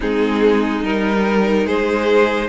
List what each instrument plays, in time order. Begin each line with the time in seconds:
0.00 cello G#3, viola C4, violin D#4 G#4
0.82 cello G3, viola D#4, violin A#4
1.65 cello G#3, violin G#4 C5